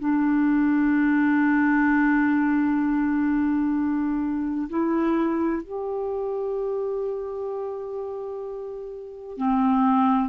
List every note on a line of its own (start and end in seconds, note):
0.00 4.69 D4
4.69 5.63 E4
5.63 9.37 G4
9.37 10.30 C4